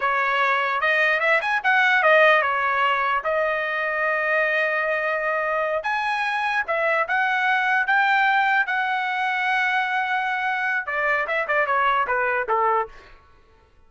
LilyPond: \new Staff \with { instrumentName = "trumpet" } { \time 4/4 \tempo 4 = 149 cis''2 dis''4 e''8 gis''8 | fis''4 dis''4 cis''2 | dis''1~ | dis''2~ dis''8 gis''4.~ |
gis''8 e''4 fis''2 g''8~ | g''4. fis''2~ fis''8~ | fis''2. d''4 | e''8 d''8 cis''4 b'4 a'4 | }